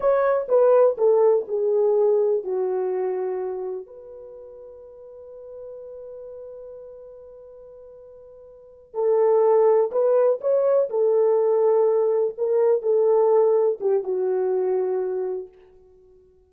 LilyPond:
\new Staff \with { instrumentName = "horn" } { \time 4/4 \tempo 4 = 124 cis''4 b'4 a'4 gis'4~ | gis'4 fis'2. | b'1~ | b'1~ |
b'2~ b'8 a'4.~ | a'8 b'4 cis''4 a'4.~ | a'4. ais'4 a'4.~ | a'8 g'8 fis'2. | }